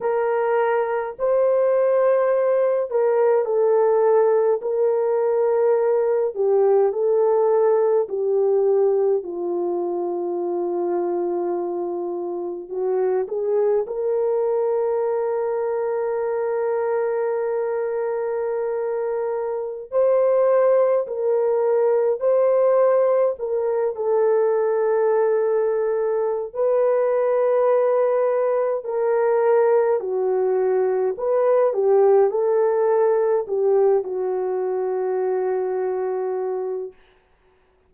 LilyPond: \new Staff \with { instrumentName = "horn" } { \time 4/4 \tempo 4 = 52 ais'4 c''4. ais'8 a'4 | ais'4. g'8 a'4 g'4 | f'2. fis'8 gis'8 | ais'1~ |
ais'4~ ais'16 c''4 ais'4 c''8.~ | c''16 ais'8 a'2~ a'16 b'4~ | b'4 ais'4 fis'4 b'8 g'8 | a'4 g'8 fis'2~ fis'8 | }